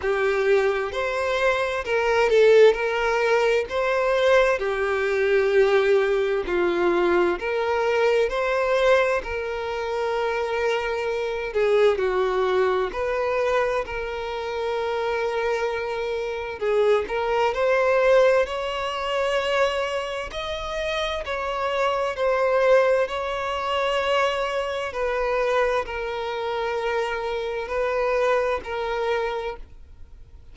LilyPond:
\new Staff \with { instrumentName = "violin" } { \time 4/4 \tempo 4 = 65 g'4 c''4 ais'8 a'8 ais'4 | c''4 g'2 f'4 | ais'4 c''4 ais'2~ | ais'8 gis'8 fis'4 b'4 ais'4~ |
ais'2 gis'8 ais'8 c''4 | cis''2 dis''4 cis''4 | c''4 cis''2 b'4 | ais'2 b'4 ais'4 | }